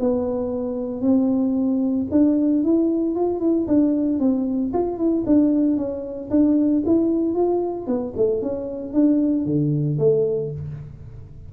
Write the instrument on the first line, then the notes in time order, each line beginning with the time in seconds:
tuba
0.00 B3
1.01 C4
2.11 D4
2.63 E4
3.15 F4
3.40 E4
3.67 D4
4.19 C4
4.73 F4
4.98 E4
5.26 D4
5.77 C#4
6.30 D4
6.86 E4
7.35 F4
7.87 B3
8.17 A3
8.42 C#4
8.93 D4
9.45 D3
9.99 A3